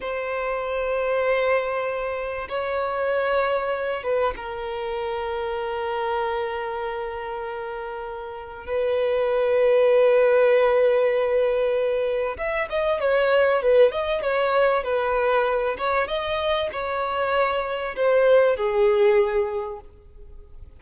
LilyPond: \new Staff \with { instrumentName = "violin" } { \time 4/4 \tempo 4 = 97 c''1 | cis''2~ cis''8 b'8 ais'4~ | ais'1~ | ais'2 b'2~ |
b'1 | e''8 dis''8 cis''4 b'8 dis''8 cis''4 | b'4. cis''8 dis''4 cis''4~ | cis''4 c''4 gis'2 | }